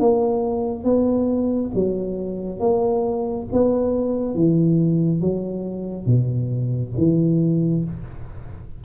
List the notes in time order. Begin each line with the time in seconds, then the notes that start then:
0.00 A#3
0.84 B3
1.75 F#3
2.60 A#3
3.53 B3
4.35 E3
5.21 F#3
6.06 B2
6.98 E3